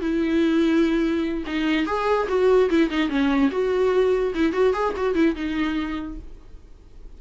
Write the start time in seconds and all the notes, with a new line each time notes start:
0.00 E4
1.46 D#4
1.86 G#4
2.28 F#4
2.70 E4
2.90 D#4
3.09 C#4
3.51 F#4
4.34 E4
4.52 F#4
4.73 G#4
4.96 F#4
5.14 E4
5.35 D#4